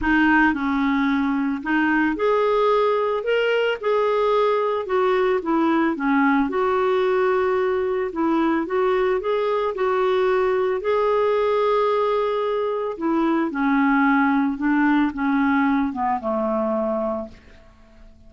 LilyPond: \new Staff \with { instrumentName = "clarinet" } { \time 4/4 \tempo 4 = 111 dis'4 cis'2 dis'4 | gis'2 ais'4 gis'4~ | gis'4 fis'4 e'4 cis'4 | fis'2. e'4 |
fis'4 gis'4 fis'2 | gis'1 | e'4 cis'2 d'4 | cis'4. b8 a2 | }